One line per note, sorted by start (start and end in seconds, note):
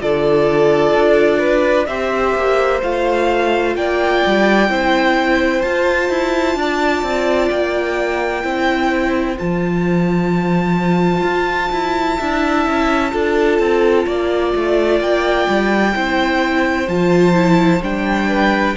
0.00 0.95 D3
0.00 1.88 F4
0.00 1.39 A4
0.00 1.87 D5
0.95 1.88 D4
1.39 1.86 B4
1.87 2.35 C4
1.87 2.82 G4
1.87 3.77 C5
1.87 2.81 E5
2.36 2.83 A#3
2.83 3.76 A3
2.83 4.70 F4
2.83 3.76 F5
3.76 4.23 A#3
3.76 4.71 D5
3.76 5.62 G5
4.27 4.70 G3
4.70 5.63 C4
4.70 5.63 E4
4.70 6.58 C5
5.62 6.10 F4
5.62 8.43 F4
5.62 7.49 A5
6.10 6.56 E4
6.56 7.03 D4
6.56 8.45 D5
7.03 7.50 C4
7.51 8.45 A#3
7.51 9.38 G5
8.43 9.38 C4
8.43 9.37 E4
8.43 12.17 C5
9.38 11.24 F3
9.38 12.19 F4
9.38 15.02 A5
11.24 11.71 F4
11.72 12.19 E4
12.17 12.67 D4
12.17 13.12 E4
12.17 13.11 E5
12.67 13.14 C#4
13.12 13.60 D4
13.12 15.93 F4
13.12 14.07 A4
13.60 14.07 C4
14.07 14.54 A#3
14.07 15.95 D5
14.56 15.01 A3
15.01 15.48 A#3
15.01 16.89 G5
15.49 15.96 G3
15.94 16.88 C4
15.94 16.88 E4
15.94 18.29 C5
16.88 17.82 F3
16.88 17.35 F4
16.88 17.82 A5
17.35 17.81 E4
17.82 18.76 G3
17.82 18.76 D4
17.82 18.77 G5
18.29 18.76 B4